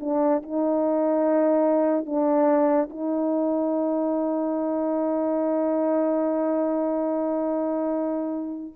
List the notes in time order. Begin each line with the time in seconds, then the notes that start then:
0.00 D4
0.42 D#4
2.05 D4
2.89 D#4